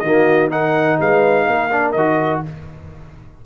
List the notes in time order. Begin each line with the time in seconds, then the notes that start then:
0.00 D#3 F#4 D#5
0.06 A#3
0.50 D#4 A#4 F#5
1.00 G#3 B4 F5
1.46 A#3 A#4
1.71 D4
1.92 D#3 F#4 D#5